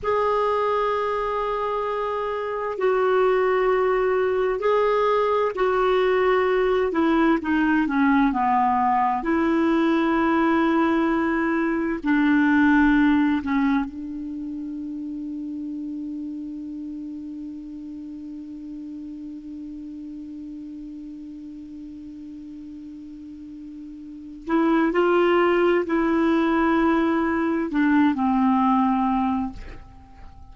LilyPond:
\new Staff \with { instrumentName = "clarinet" } { \time 4/4 \tempo 4 = 65 gis'2. fis'4~ | fis'4 gis'4 fis'4. e'8 | dis'8 cis'8 b4 e'2~ | e'4 d'4. cis'8 d'4~ |
d'1~ | d'1~ | d'2~ d'8 e'8 f'4 | e'2 d'8 c'4. | }